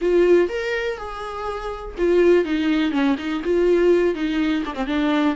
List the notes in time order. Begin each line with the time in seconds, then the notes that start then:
0.01 F4
0.48 A#4
0.97 G#4
1.98 F4
2.45 D#4
2.91 C#4
3.18 D#4
3.44 F4
4.14 D#4
4.65 D4
4.74 C4
4.86 D4